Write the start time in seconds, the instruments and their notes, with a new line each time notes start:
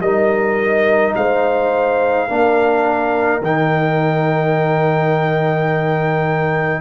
0.00 tuba G3, trombone D#4, horn A#4, trumpet D#5
1.15 tuba G#3, horn C5, trumpet F5
2.28 tuba A#3, trombone D4, horn A#4
3.42 tuba D#3, trombone D#4, trumpet G5